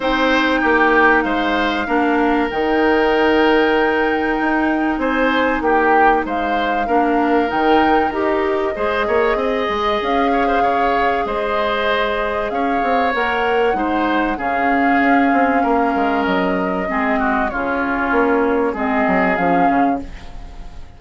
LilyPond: <<
  \new Staff \with { instrumentName = "flute" } { \time 4/4 \tempo 4 = 96 g''2 f''2 | g''1 | gis''4 g''4 f''2 | g''4 dis''2. |
f''2 dis''2 | f''4 fis''2 f''4~ | f''2 dis''2 | cis''2 dis''4 f''4 | }
  \new Staff \with { instrumentName = "oboe" } { \time 4/4 c''4 g'4 c''4 ais'4~ | ais'1 | c''4 g'4 c''4 ais'4~ | ais'2 c''8 cis''8 dis''4~ |
dis''8 cis''16 c''16 cis''4 c''2 | cis''2 c''4 gis'4~ | gis'4 ais'2 gis'8 fis'8 | f'2 gis'2 | }
  \new Staff \with { instrumentName = "clarinet" } { \time 4/4 dis'2. d'4 | dis'1~ | dis'2. d'4 | dis'4 g'4 gis'2~ |
gis'1~ | gis'4 ais'4 dis'4 cis'4~ | cis'2. c'4 | cis'2 c'4 cis'4 | }
  \new Staff \with { instrumentName = "bassoon" } { \time 4/4 c'4 ais4 gis4 ais4 | dis2. dis'4 | c'4 ais4 gis4 ais4 | dis4 dis'4 gis8 ais8 c'8 gis8 |
cis'4 cis4 gis2 | cis'8 c'8 ais4 gis4 cis4 | cis'8 c'8 ais8 gis8 fis4 gis4 | cis4 ais4 gis8 fis8 f8 cis8 | }
>>